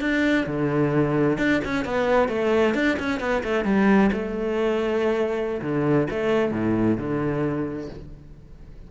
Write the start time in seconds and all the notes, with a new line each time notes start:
0.00 D4
0.46 D3
1.38 D4
1.64 C#4
1.84 B3
2.28 A3
2.74 D4
2.99 C#4
3.20 B3
3.43 A3
3.64 G3
4.12 A3
5.61 D3
6.10 A3
6.51 A2
6.97 D3